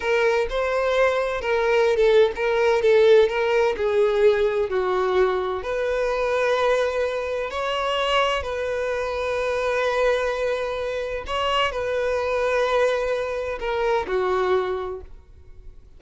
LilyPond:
\new Staff \with { instrumentName = "violin" } { \time 4/4 \tempo 4 = 128 ais'4 c''2 ais'4~ | ais'16 a'8. ais'4 a'4 ais'4 | gis'2 fis'2 | b'1 |
cis''2 b'2~ | b'1 | cis''4 b'2.~ | b'4 ais'4 fis'2 | }